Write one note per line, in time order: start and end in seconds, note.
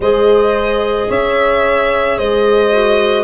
0.00 1.08 G#3
0.00 2.72 G#4
0.00 1.09 C5
0.00 1.10 D#5
1.09 2.18 C#4
1.09 2.17 C#5
1.09 2.18 E5
2.17 3.23 G#3
2.17 3.23 C5
2.17 3.23 D#5
2.72 3.23 F#4